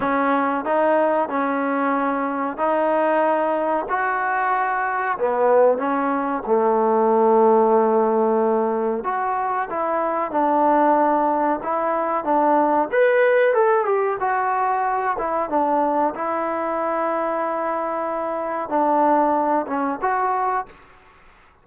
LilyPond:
\new Staff \with { instrumentName = "trombone" } { \time 4/4 \tempo 4 = 93 cis'4 dis'4 cis'2 | dis'2 fis'2 | b4 cis'4 a2~ | a2 fis'4 e'4 |
d'2 e'4 d'4 | b'4 a'8 g'8 fis'4. e'8 | d'4 e'2.~ | e'4 d'4. cis'8 fis'4 | }